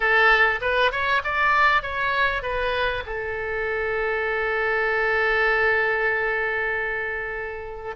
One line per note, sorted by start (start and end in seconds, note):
0.00 0.60 A4
0.61 0.91 B4
0.91 1.22 C#5
1.24 1.82 D5
1.82 2.42 C#5
2.42 3.03 B4
3.06 7.95 A4